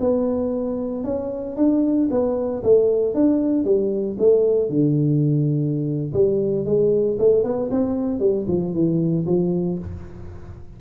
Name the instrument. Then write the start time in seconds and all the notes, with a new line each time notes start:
tuba
0.00 B3
1.04 C#4
1.57 D4
2.11 B3
2.63 A3
3.14 D4
3.65 G3
4.19 A3
4.69 D3
6.13 G3
6.65 G#3
7.19 A3
7.43 B3
7.71 C4
8.20 G3
8.48 F3
8.74 E3
9.26 F3